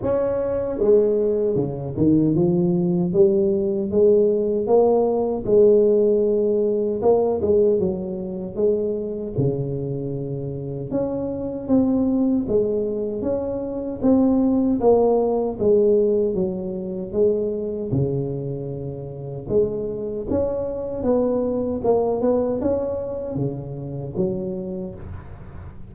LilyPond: \new Staff \with { instrumentName = "tuba" } { \time 4/4 \tempo 4 = 77 cis'4 gis4 cis8 dis8 f4 | g4 gis4 ais4 gis4~ | gis4 ais8 gis8 fis4 gis4 | cis2 cis'4 c'4 |
gis4 cis'4 c'4 ais4 | gis4 fis4 gis4 cis4~ | cis4 gis4 cis'4 b4 | ais8 b8 cis'4 cis4 fis4 | }